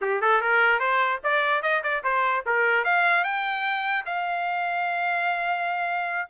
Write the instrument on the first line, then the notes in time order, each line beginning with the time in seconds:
trumpet
0.01 G4
0.21 A4
0.41 A#4
0.79 C5
1.23 D5
1.62 D#5
1.83 D5
2.03 C5
2.45 A#4
2.84 F5
3.23 G5
4.05 F5